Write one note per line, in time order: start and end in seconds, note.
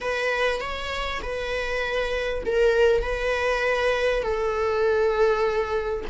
0.00 0.60 B4
0.60 1.20 C#5
1.22 2.43 B4
2.45 3.02 A#4
3.02 4.22 B4
4.22 6.04 A4